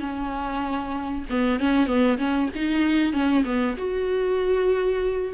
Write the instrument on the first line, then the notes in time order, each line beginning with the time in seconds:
viola
0.00 C#4
1.30 B3
1.59 C#4
1.86 B3
2.18 C#4
2.55 D#4
3.13 C#4
3.45 B3
3.77 F#4